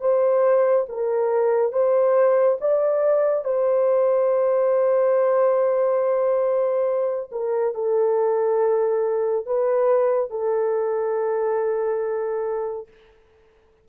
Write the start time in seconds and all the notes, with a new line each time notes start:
0.00 C5
0.88 A#4
1.72 C5
2.61 D5
3.44 C5
7.31 A#4
7.74 A4
9.46 B4
10.30 A4